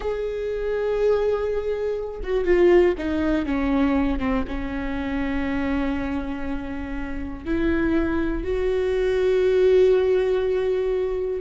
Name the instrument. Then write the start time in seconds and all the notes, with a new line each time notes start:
viola
0.00 G#4
2.23 F#4
2.44 F4
2.98 D#4
3.45 C#4
4.19 C4
4.47 C#4
7.44 E4
8.43 F#4